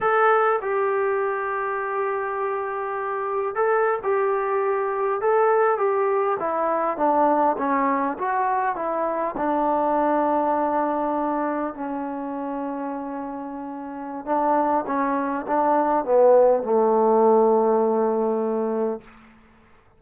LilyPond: \new Staff \with { instrumentName = "trombone" } { \time 4/4 \tempo 4 = 101 a'4 g'2.~ | g'2 a'8. g'4~ g'16~ | g'8. a'4 g'4 e'4 d'16~ | d'8. cis'4 fis'4 e'4 d'16~ |
d'2.~ d'8. cis'16~ | cis'1 | d'4 cis'4 d'4 b4 | a1 | }